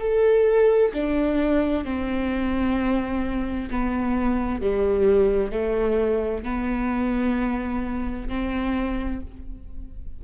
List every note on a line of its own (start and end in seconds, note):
0.00 0.92 A4
0.94 1.85 D4
1.85 3.70 C4
3.71 4.62 B3
4.62 5.52 G3
5.52 6.44 A3
6.44 8.29 B3
8.29 9.21 C4